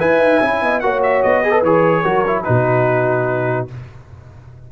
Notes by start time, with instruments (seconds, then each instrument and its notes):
0.00 tuba E4, trombone B4, horn E5, trumpet G#5
0.20 tuba D#4
0.42 tuba C#4, trombone E4
0.62 tuba B3, horn D#5
0.80 tuba A#3, trombone F#4, horn C#5, trumpet F#5
1.03 trumpet E5
1.23 tuba B3, trumpet D#5
1.44 trombone G#4, horn B4
1.52 trombone A4
1.63 tuba E3, trombone G#4, trumpet C#5
2.02 tuba F#3, trombone F#4, horn A#4
2.27 trombone E4
2.44 tuba B2, trombone D#4, horn F#4, trumpet B4